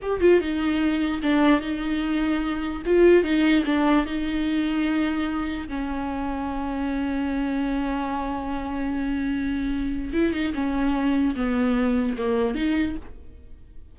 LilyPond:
\new Staff \with { instrumentName = "viola" } { \time 4/4 \tempo 4 = 148 g'8 f'8 dis'2 d'4 | dis'2. f'4 | dis'4 d'4 dis'2~ | dis'2 cis'2~ |
cis'1~ | cis'1~ | cis'4 e'8 dis'8 cis'2 | b2 ais4 dis'4 | }